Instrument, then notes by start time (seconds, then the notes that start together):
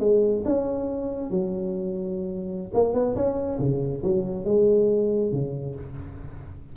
tuba
0.00 G#3
0.46 C#4
1.31 F#3
2.74 A#3
2.94 B3
3.16 C#4
3.59 C#3
4.03 F#3
4.45 G#3
5.32 C#3